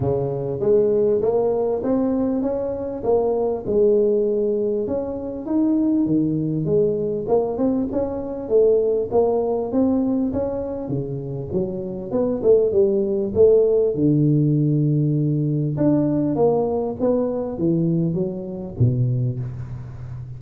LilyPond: \new Staff \with { instrumentName = "tuba" } { \time 4/4 \tempo 4 = 99 cis4 gis4 ais4 c'4 | cis'4 ais4 gis2 | cis'4 dis'4 dis4 gis4 | ais8 c'8 cis'4 a4 ais4 |
c'4 cis'4 cis4 fis4 | b8 a8 g4 a4 d4~ | d2 d'4 ais4 | b4 e4 fis4 b,4 | }